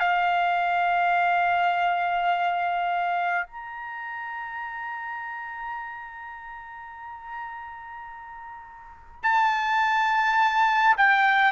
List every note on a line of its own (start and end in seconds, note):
0.00 3.46 F5
3.47 9.23 A#5
9.23 10.96 A5
10.97 11.52 G5